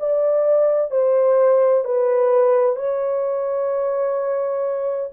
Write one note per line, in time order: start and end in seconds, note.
0.00 0.91 D5
0.91 1.85 C5
1.85 2.77 B4
2.77 5.11 C#5